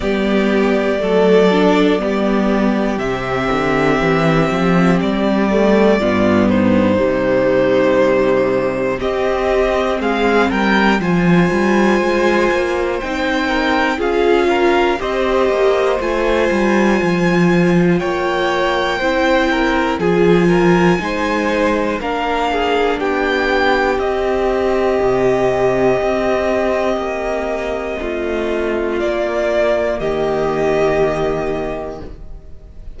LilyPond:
<<
  \new Staff \with { instrumentName = "violin" } { \time 4/4 \tempo 4 = 60 d''2. e''4~ | e''4 d''4. c''4.~ | c''4 dis''4 f''8 g''8 gis''4~ | gis''4 g''4 f''4 dis''4 |
gis''2 g''2 | gis''2 f''4 g''4 | dis''1~ | dis''4 d''4 dis''2 | }
  \new Staff \with { instrumentName = "violin" } { \time 4/4 g'4 a'4 g'2~ | g'2 f'8 dis'4.~ | dis'4 g'4 gis'8 ais'8 c''4~ | c''4. ais'8 gis'8 ais'8 c''4~ |
c''2 cis''4 c''8 ais'8 | gis'8 ais'8 c''4 ais'8 gis'8 g'4~ | g'1 | f'2 g'2 | }
  \new Staff \with { instrumentName = "viola" } { \time 4/4 b4 a8 d'8 b4 c'4~ | c'4. a8 b4 g4~ | g4 c'2 f'4~ | f'4 dis'4 f'4 g'4 |
f'2. e'4 | f'4 dis'4 d'2 | c'1~ | c'4 ais2. | }
  \new Staff \with { instrumentName = "cello" } { \time 4/4 g4 fis4 g4 c8 d8 | e8 f8 g4 g,4 c4~ | c4 c'4 gis8 g8 f8 g8 | gis8 ais8 c'4 cis'4 c'8 ais8 |
a8 g8 f4 ais4 c'4 | f4 gis4 ais4 b4 | c'4 c4 c'4 ais4 | a4 ais4 dis2 | }
>>